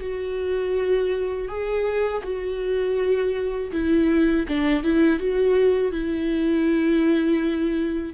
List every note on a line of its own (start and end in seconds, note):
0.00 1.48 F#4
1.48 2.22 G#4
2.23 3.71 F#4
3.72 4.46 E4
4.48 4.83 D4
4.83 5.19 E4
5.19 5.92 F#4
5.92 8.13 E4